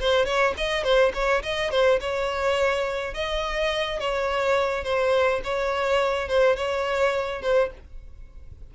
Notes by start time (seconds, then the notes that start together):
0.00 C5
0.26 C#5
0.57 D#5
0.84 C5
1.14 C#5
1.43 D#5
1.71 C5
2.01 C#5
3.14 D#5
4.00 C#5
4.84 C5
5.44 C#5
6.28 C5
6.56 C#5
7.42 C5